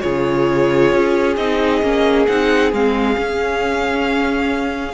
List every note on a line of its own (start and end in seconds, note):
0.00 0.93 C#3
0.00 1.36 F4
0.00 4.93 G#4
0.00 1.34 C#5
0.93 1.37 C#4
1.36 1.82 C4
1.36 1.82 D#4
1.36 2.26 D#5
1.82 2.27 A#3
1.82 2.27 C#4
2.26 2.72 C4
2.26 2.73 D#4
2.26 2.71 F#5
2.72 3.17 G#3
2.72 3.16 C4
2.72 4.93 F5
3.16 4.93 C#4